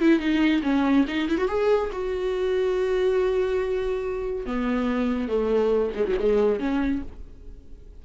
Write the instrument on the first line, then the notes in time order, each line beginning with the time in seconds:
viola
0.00 E4
0.19 D#4
0.63 C#4
1.08 D#4
1.29 E4
1.38 F#4
1.48 G#4
1.92 F#4
4.46 B3
5.28 A3
5.95 G#3
6.07 F#3
6.19 G#3
6.59 C#4